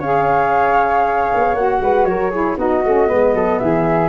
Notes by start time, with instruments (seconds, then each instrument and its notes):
0.00 tuba C#4, saxophone G#4, flute C#5 F5
1.35 tuba B3
1.54 tuba A#3, saxophone F#4, flute F#5
1.81 tuba G#3, flute B4
2.05 tuba F#3, flute A#4 C#5
2.31 saxophone E4, flute G#4
2.57 tuba B3, saxophone D#4, flute F#4 D#5
2.85 tuba A3, saxophone C#4
3.07 tuba G#3, saxophone B3, flute B4
3.34 tuba F#3, flute A4
3.59 tuba E3, flute G#4 E5